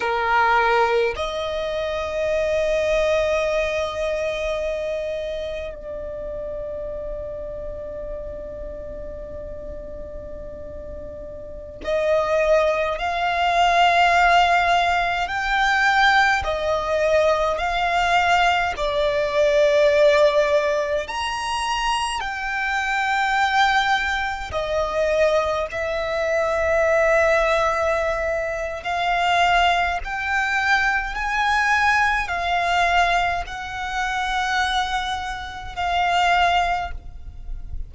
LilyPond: \new Staff \with { instrumentName = "violin" } { \time 4/4 \tempo 4 = 52 ais'4 dis''2.~ | dis''4 d''2.~ | d''2~ d''16 dis''4 f''8.~ | f''4~ f''16 g''4 dis''4 f''8.~ |
f''16 d''2 ais''4 g''8.~ | g''4~ g''16 dis''4 e''4.~ e''16~ | e''4 f''4 g''4 gis''4 | f''4 fis''2 f''4 | }